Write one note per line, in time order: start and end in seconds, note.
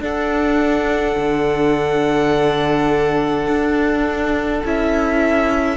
0.00 4.62 D4
0.00 1.16 D4
0.00 5.77 A4
0.00 4.66 F#5
1.18 3.47 D3
3.47 4.63 D4
4.65 5.77 C#4
4.65 5.77 E4
4.65 5.77 E5